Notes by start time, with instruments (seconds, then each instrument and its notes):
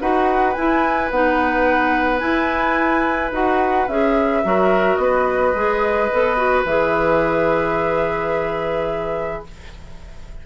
0.00 bassoon D#4, clarinet F#4, oboe B4, flute F#5
0.54 clarinet E4, bassoon E4, flute G#5
1.11 bassoon B3, clarinet D#4, flute F#5
2.19 clarinet E4, bassoon E4, flute G#5
3.32 bassoon D#4, clarinet F#4, flute F#5
3.88 bassoon C#4, clarinet G#4, flute E5
4.44 bassoon F#3, clarinet F#4, oboe A#4
4.96 bassoon B3, flute D#5
5.02 oboe B4
5.55 bassoon G#3, clarinet G#4
6.12 bassoon B3, clarinet A4
6.37 clarinet F#4
6.65 bassoon E3, clarinet G#4, flute E5